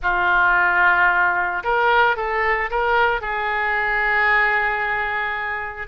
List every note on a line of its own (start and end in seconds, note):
0.02 1.63 F4
1.63 2.16 A#4
2.16 2.69 A4
2.70 3.21 A#4
3.21 5.87 G#4